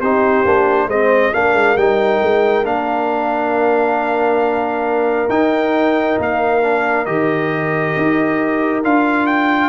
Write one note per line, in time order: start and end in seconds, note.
0.00 0.44 C4
0.00 0.45 D#4
0.00 0.88 G4
0.00 0.89 C5
0.45 0.87 A#3
0.45 0.90 D4
0.87 1.31 G#3
0.87 1.33 C4
0.87 1.32 C5
0.87 1.34 D#5
1.33 1.54 A#3
1.33 1.77 D4
1.33 9.69 A#4
1.33 1.77 F5
1.54 1.76 G#3
1.76 2.21 G3
1.76 2.64 D#4
1.76 2.65 G5
2.22 2.63 G#3
2.63 5.28 A#3
2.63 5.29 D4
2.63 5.30 F5
5.29 6.17 D#4
5.29 6.62 D#4
5.29 6.18 G5
6.19 7.07 A#3
6.19 7.05 F5
6.62 7.06 D4
7.05 7.95 D#3
7.05 8.83 G4
7.05 8.82 D#5
7.96 8.84 D#4
8.83 9.69 D4
8.83 9.69 F4
8.83 9.26 F5
9.26 9.69 G5